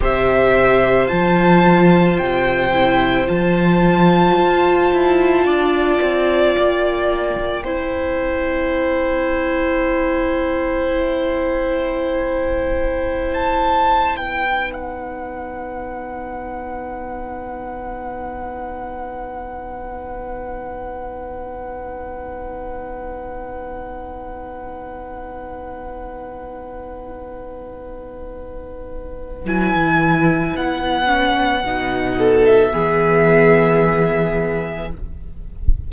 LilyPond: <<
  \new Staff \with { instrumentName = "violin" } { \time 4/4 \tempo 4 = 55 e''4 a''4 g''4 a''4~ | a''2 g''2~ | g''1~ | g''16 a''8. g''8 fis''2~ fis''8~ |
fis''1~ | fis''1~ | fis''2. gis''4 | fis''4.~ fis''16 e''2~ e''16 | }
  \new Staff \with { instrumentName = "violin" } { \time 4/4 c''1~ | c''4 d''2 c''4~ | c''1~ | c''4 b'2.~ |
b'1~ | b'1~ | b'1~ | b'4. a'8 gis'2 | }
  \new Staff \with { instrumentName = "viola" } { \time 4/4 g'4 f'4. e'8 f'4~ | f'2. e'4~ | e'1~ | e'4~ e'16 dis'2~ dis'8.~ |
dis'1~ | dis'1~ | dis'2. e'4~ | e'8 cis'8 dis'4 b2 | }
  \new Staff \with { instrumentName = "cello" } { \time 4/4 c4 f4 c4 f4 | f'8 e'8 d'8 c'8 ais4 c'4~ | c'1~ | c'4 b2.~ |
b1~ | b1~ | b2. fis16 e8. | b4 b,4 e2 | }
>>